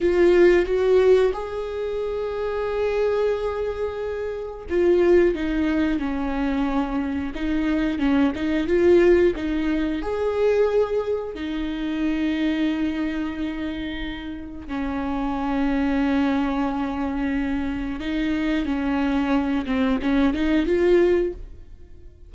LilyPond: \new Staff \with { instrumentName = "viola" } { \time 4/4 \tempo 4 = 90 f'4 fis'4 gis'2~ | gis'2. f'4 | dis'4 cis'2 dis'4 | cis'8 dis'8 f'4 dis'4 gis'4~ |
gis'4 dis'2.~ | dis'2 cis'2~ | cis'2. dis'4 | cis'4. c'8 cis'8 dis'8 f'4 | }